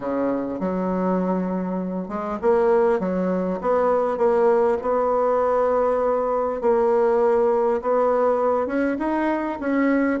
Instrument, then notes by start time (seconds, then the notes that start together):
bassoon
0.00 C#3
0.59 F#3
2.08 G#3
2.41 A#3
2.99 F#3
3.61 B3
4.17 A#3
4.81 B3
6.61 A#3
7.81 B3
8.66 C#4
8.98 D#4
9.60 C#4